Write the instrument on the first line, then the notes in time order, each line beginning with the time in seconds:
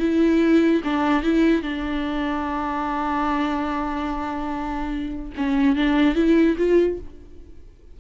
viola
0.00 E4
0.85 D4
1.24 E4
1.63 D4
5.37 C#4
5.76 D4
6.16 E4
6.58 F4